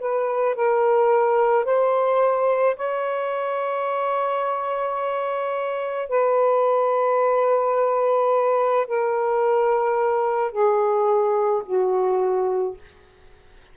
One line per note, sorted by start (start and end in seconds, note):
0.00 0.56 B4
0.56 1.65 A#4
1.65 2.76 C5
2.77 6.09 C#5
6.09 8.87 B4
8.87 10.52 A#4
10.52 11.63 G#4
11.66 12.77 F#4